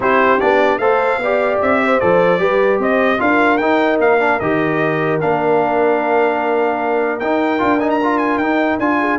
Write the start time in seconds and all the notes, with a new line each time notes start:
0.00 C4 E4 G4 C5
0.40 B3 D4 D5
0.78 A3 A4 C5 F5
1.17 B3 D5
1.23 G4
1.61 C4 E5
1.83 C5
2.00 F3 A4 D5
2.38 G3 G4 B4
2.78 C4 C5 D#5
3.18 D4 F4 A#4 F5
3.57 D#4 G5
3.99 A#3 F5
4.19 D4
4.39 D#3 G4 D#5
5.20 A#3 D4 F5
7.19 D#4 G5
7.58 D4 F4
7.79 D#4 G#5
7.90 A#5
8.03 F4
8.18 G#5
8.37 D#4 G5
8.78 D4 F4 G#5
8.99 G#4